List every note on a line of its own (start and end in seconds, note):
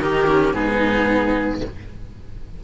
0.00 0.53 D#3
0.00 0.27 D#4
0.00 0.56 G4
0.00 0.54 A#4
0.27 0.53 C#4
0.53 1.60 G#2
0.53 1.60 B3
0.53 1.63 D#4
0.53 1.61 G#4